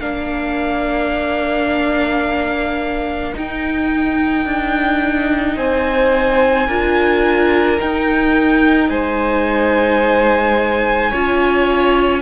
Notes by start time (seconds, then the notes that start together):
0.00 A#3 D4 A#4 F5
3.34 D#4 G5
4.45 D4
5.56 C4 C5 G#5
6.67 D4 F4 A#4
7.79 D#4 G5
8.89 G#3 C5 G#5
11.10 C#4 F4 C#5